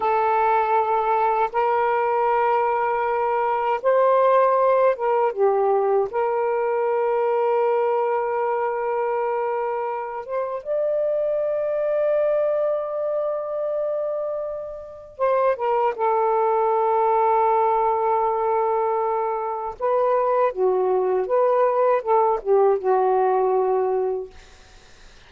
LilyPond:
\new Staff \with { instrumentName = "saxophone" } { \time 4/4 \tempo 4 = 79 a'2 ais'2~ | ais'4 c''4. ais'8 g'4 | ais'1~ | ais'4. c''8 d''2~ |
d''1 | c''8 ais'8 a'2.~ | a'2 b'4 fis'4 | b'4 a'8 g'8 fis'2 | }